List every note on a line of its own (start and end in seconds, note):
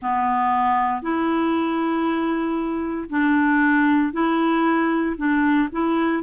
0.02 1.02 B3
1.02 3.08 E4
3.09 4.12 D4
4.12 5.16 E4
5.17 5.68 D4
5.72 6.23 E4